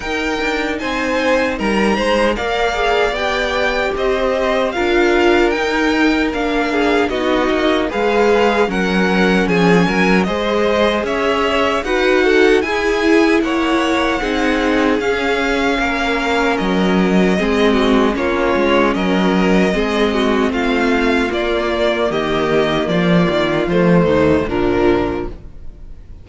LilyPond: <<
  \new Staff \with { instrumentName = "violin" } { \time 4/4 \tempo 4 = 76 g''4 gis''4 ais''4 f''4 | g''4 dis''4 f''4 g''4 | f''4 dis''4 f''4 fis''4 | gis''4 dis''4 e''4 fis''4 |
gis''4 fis''2 f''4~ | f''4 dis''2 cis''4 | dis''2 f''4 d''4 | dis''4 d''4 c''4 ais'4 | }
  \new Staff \with { instrumentName = "violin" } { \time 4/4 ais'4 c''4 ais'8 c''8 d''4~ | d''4 c''4 ais'2~ | ais'8 gis'8 fis'4 b'4 ais'4 | gis'8 ais'8 c''4 cis''4 b'8 a'8 |
gis'4 cis''4 gis'2 | ais'2 gis'8 fis'8 f'4 | ais'4 gis'8 fis'8 f'2 | g'4 f'4. dis'8 d'4 | }
  \new Staff \with { instrumentName = "viola" } { \time 4/4 dis'2. ais'8 gis'8 | g'2 f'4 dis'4 | d'4 dis'4 gis'4 cis'4~ | cis'4 gis'2 fis'4 |
e'2 dis'4 cis'4~ | cis'2 c'4 cis'4~ | cis'4 c'2 ais4~ | ais2 a4 f4 | }
  \new Staff \with { instrumentName = "cello" } { \time 4/4 dis'8 d'8 c'4 g8 gis8 ais4 | b4 c'4 d'4 dis'4 | ais4 b8 ais8 gis4 fis4 | f8 fis8 gis4 cis'4 dis'4 |
e'4 ais4 c'4 cis'4 | ais4 fis4 gis4 ais8 gis8 | fis4 gis4 a4 ais4 | dis4 f8 dis8 f8 dis,8 ais,4 | }
>>